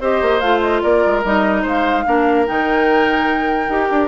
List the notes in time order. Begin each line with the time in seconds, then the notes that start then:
0.00 C4 G4 C5 D#5
0.21 A#3
0.40 A3 F4 F5
0.60 D#5
0.81 A#3 A#4 D5
1.05 G#3
1.24 G3 D#4 D#5
1.62 G#3 C5 F5
2.05 A#3 D4 A#4
2.45 D#3 D#4 G5
3.68 D#4 G4
3.90 D4